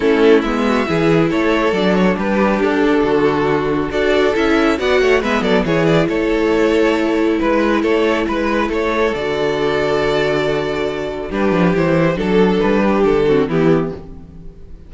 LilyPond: <<
  \new Staff \with { instrumentName = "violin" } { \time 4/4 \tempo 4 = 138 a'4 e''2 cis''4 | d''8 cis''8 b'4 a'2~ | a'4 d''4 e''4 fis''4 | e''8 d''8 cis''8 d''8 cis''2~ |
cis''4 b'4 cis''4 b'4 | cis''4 d''2.~ | d''2 b'4 c''4 | a'4 b'4 a'4 g'4 | }
  \new Staff \with { instrumentName = "violin" } { \time 4/4 e'4. fis'8 gis'4 a'4~ | a'4 g'2 fis'4~ | fis'4 a'2 d''8 cis''8 | b'8 a'8 gis'4 a'2~ |
a'4 b'4 a'4 b'4 | a'1~ | a'2 g'2 | a'4. g'4 fis'8 e'4 | }
  \new Staff \with { instrumentName = "viola" } { \time 4/4 cis'4 b4 e'2 | d'1~ | d'4 fis'4 e'4 fis'4 | b4 e'2.~ |
e'1~ | e'4 fis'2.~ | fis'2 d'4 e'4 | d'2~ d'8 c'8 b4 | }
  \new Staff \with { instrumentName = "cello" } { \time 4/4 a4 gis4 e4 a4 | fis4 g4 d'4 d4~ | d4 d'4 cis'4 b8 a8 | gis8 fis8 e4 a2~ |
a4 gis4 a4 gis4 | a4 d2.~ | d2 g8 f8 e4 | fis4 g4 d4 e4 | }
>>